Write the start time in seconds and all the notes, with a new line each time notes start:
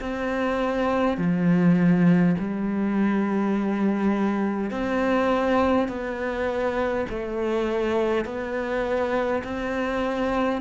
0.00 C4
1.18 F3
2.39 G3
4.71 C4
5.88 B3
7.09 A3
8.25 B3
9.44 C4